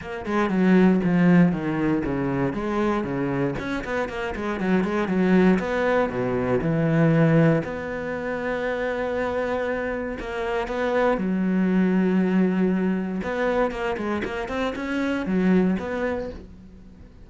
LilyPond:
\new Staff \with { instrumentName = "cello" } { \time 4/4 \tempo 4 = 118 ais8 gis8 fis4 f4 dis4 | cis4 gis4 cis4 cis'8 b8 | ais8 gis8 fis8 gis8 fis4 b4 | b,4 e2 b4~ |
b1 | ais4 b4 fis2~ | fis2 b4 ais8 gis8 | ais8 c'8 cis'4 fis4 b4 | }